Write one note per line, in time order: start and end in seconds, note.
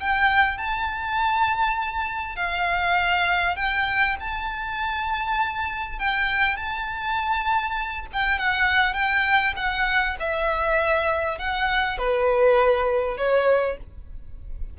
0.00 0.58 G5
0.58 2.36 A5
2.36 3.56 F5
3.56 4.16 G5
4.20 5.99 A5
5.99 6.56 G5
6.56 8.06 A5
8.13 8.38 G5
8.38 8.93 F#5
8.93 9.53 G5
9.56 10.16 F#5
10.19 11.38 E5
11.38 11.98 F#5
11.98 13.17 B4
13.17 13.77 C#5